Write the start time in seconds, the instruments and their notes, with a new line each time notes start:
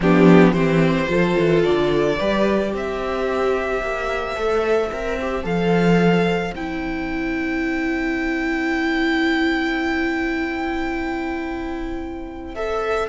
0.00 cello F3, viola B3, violin D4 G4
0.52 cello E3, viola C4, violin G4 C5
1.06 cello F3, viola F4, violin A4
1.39 cello E3
1.63 cello D3, violin D5
2.18 cello G3, viola G4, violin B4
2.72 cello C4, violin C5 E5
3.81 cello A#3
4.35 cello A3, viola A4
4.92 cello C4, viola A#4
5.21 viola G4
5.43 cello F3, viola A4, violin F5
6.53 cello C4, viola E4, violin G5
12.54 viola A4, violin E5